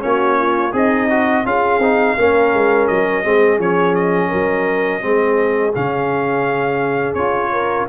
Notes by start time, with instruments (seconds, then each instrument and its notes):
0.00 tuba A#3, trombone C#4, horn F#4, trumpet C#5
0.38 horn F4
0.73 tuba C4, horn D#4, trombone G#4, trumpet D#5
1.10 trombone F#4
1.45 tuba C#4, trombone F4, horn G#4, trumpet F5
1.79 tuba C4, trombone D#4
2.17 tuba A#3, trombone C#4, horn A#4
2.54 tuba G#3
2.88 tuba F#3, trumpet D#5
3.24 tuba G#3, trombone C4, horn G#4
3.59 tuba F3, trombone C#4, trumpet C#5
3.95 trumpet D#5
4.29 tuba F#3, horn A#4
5.01 tuba G#3, trombone C4, horn G#4
5.75 tuba C#3, trombone C#4, trumpet F5
7.15 tuba C#4, trombone F4, trumpet C#5
7.52 horn A#4